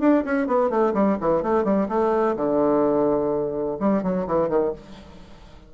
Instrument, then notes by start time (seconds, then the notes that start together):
bassoon
0.00 D4
0.25 C#4
0.47 B3
0.70 A3
0.94 G3
1.21 E3
1.43 A3
1.64 G3
1.89 A3
2.36 D3
3.80 G3
4.03 F#3
4.27 E3
4.49 D#3